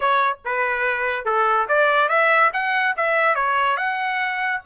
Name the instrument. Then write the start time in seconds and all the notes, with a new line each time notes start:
trumpet
0.00 C#5
0.45 B4
1.25 A4
1.68 D5
2.08 E5
2.53 F#5
2.96 E5
3.35 C#5
3.76 F#5